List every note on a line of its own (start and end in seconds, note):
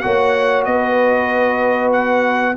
0.00 0.67 A#3
0.00 2.55 F#4
0.00 0.67 C#5
0.00 0.63 F#5
0.65 2.56 B3
0.65 2.57 B4
0.65 1.91 D#5
1.92 2.56 F#5